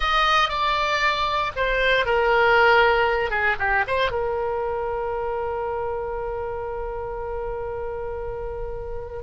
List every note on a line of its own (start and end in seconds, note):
0.00 0.49 D#5
0.49 1.52 D5
1.55 2.05 C5
2.05 3.30 A#4
3.30 3.56 G#4
3.59 3.84 G4
3.87 4.11 C5
4.11 9.22 A#4